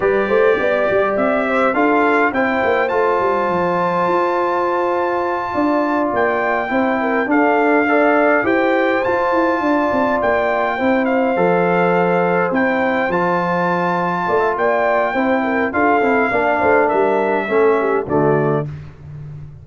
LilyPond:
<<
  \new Staff \with { instrumentName = "trumpet" } { \time 4/4 \tempo 4 = 103 d''2 e''4 f''4 | g''4 a''2.~ | a''2~ a''8 g''4.~ | g''8 f''2 g''4 a''8~ |
a''4. g''4. f''4~ | f''4. g''4 a''4.~ | a''4 g''2 f''4~ | f''4 e''2 d''4 | }
  \new Staff \with { instrumentName = "horn" } { \time 4/4 b'8 c''8 d''4. c''8 a'4 | c''1~ | c''4. d''2 c''8 | ais'8 a'4 d''4 c''4.~ |
c''8 d''2 c''4.~ | c''1~ | c''8 d''16 e''16 d''4 c''8 ais'8 a'4 | d''8 c''8 ais'4 a'8 g'8 fis'4 | }
  \new Staff \with { instrumentName = "trombone" } { \time 4/4 g'2. f'4 | e'4 f'2.~ | f'2.~ f'8 e'8~ | e'8 d'4 a'4 g'4 f'8~ |
f'2~ f'8 e'4 a'8~ | a'4. e'4 f'4.~ | f'2 e'4 f'8 e'8 | d'2 cis'4 a4 | }
  \new Staff \with { instrumentName = "tuba" } { \time 4/4 g8 a8 b8 g8 c'4 d'4 | c'8 ais8 a8 g8 f4 f'4~ | f'4. d'4 ais4 c'8~ | c'8 d'2 e'4 f'8 |
e'8 d'8 c'8 ais4 c'4 f8~ | f4. c'4 f4.~ | f8 a8 ais4 c'4 d'8 c'8 | ais8 a8 g4 a4 d4 | }
>>